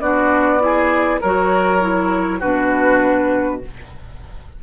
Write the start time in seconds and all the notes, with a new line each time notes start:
0.00 B3 D4 F#4 D5
0.59 E4 G#4
1.21 F#3 F#4 A#4 C#5
1.80 E4
2.39 B2 D4 F#4 B4